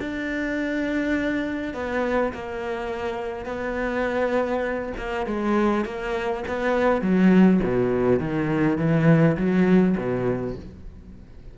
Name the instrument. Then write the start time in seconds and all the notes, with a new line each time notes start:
cello
0.00 D4
1.74 B3
2.34 A#3
3.46 B3
4.98 A#3
5.26 G#3
5.86 A#3
6.48 B3
7.02 F#3
7.64 B2
8.20 D#3
8.78 E3
9.37 F#3
9.98 B2